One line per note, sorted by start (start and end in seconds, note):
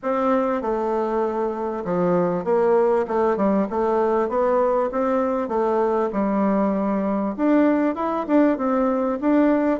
0.02 0.61 C4
0.61 1.84 A3
1.85 2.44 F3
2.44 3.05 A#3
3.07 3.36 A3
3.36 3.67 G3
3.70 4.29 A3
4.29 4.90 B3
4.91 5.48 C4
5.48 6.09 A3
6.12 7.35 G3
7.36 7.95 D4
7.95 8.25 E4
8.27 8.57 D4
8.57 9.18 C4
9.21 9.80 D4